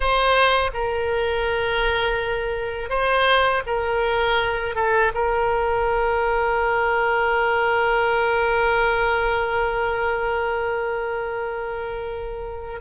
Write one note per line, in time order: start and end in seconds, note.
0.00 0.71 C5
0.73 2.89 A#4
2.89 3.62 C5
3.66 4.75 A#4
4.75 5.12 A4
5.14 12.80 A#4